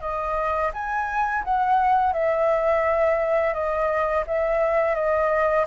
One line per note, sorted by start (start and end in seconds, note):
0.00 0.71 D#5
0.73 1.43 G#5
1.44 2.13 F#5
2.13 3.53 E5
3.53 4.24 D#5
4.27 4.94 E5
4.94 5.65 D#5